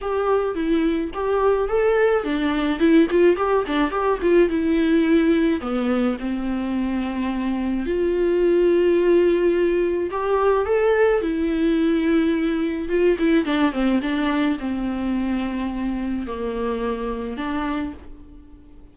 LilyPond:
\new Staff \with { instrumentName = "viola" } { \time 4/4 \tempo 4 = 107 g'4 e'4 g'4 a'4 | d'4 e'8 f'8 g'8 d'8 g'8 f'8 | e'2 b4 c'4~ | c'2 f'2~ |
f'2 g'4 a'4 | e'2. f'8 e'8 | d'8 c'8 d'4 c'2~ | c'4 ais2 d'4 | }